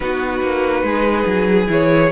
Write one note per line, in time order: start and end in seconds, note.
0.00 0.41 B3
0.00 1.67 D#4
0.00 0.85 F#4
0.00 1.68 B4
0.41 0.82 A#3
0.82 1.24 G#3
0.82 2.12 G#4
1.26 1.68 F#3
1.67 2.11 E3
1.67 2.10 E4
1.67 2.12 C#5